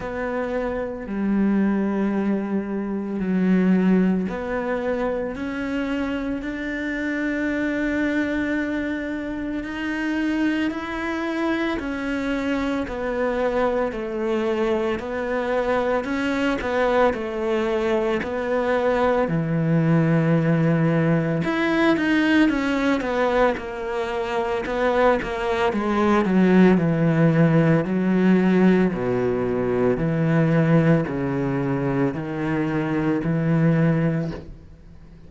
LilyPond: \new Staff \with { instrumentName = "cello" } { \time 4/4 \tempo 4 = 56 b4 g2 fis4 | b4 cis'4 d'2~ | d'4 dis'4 e'4 cis'4 | b4 a4 b4 cis'8 b8 |
a4 b4 e2 | e'8 dis'8 cis'8 b8 ais4 b8 ais8 | gis8 fis8 e4 fis4 b,4 | e4 cis4 dis4 e4 | }